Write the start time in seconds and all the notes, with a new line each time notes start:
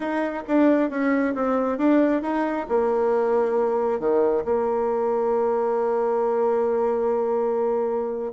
0.00 D#4
0.47 D4
0.90 C#4
1.34 C4
1.78 D4
2.22 D#4
2.68 A#3
3.99 D#3
4.44 A#3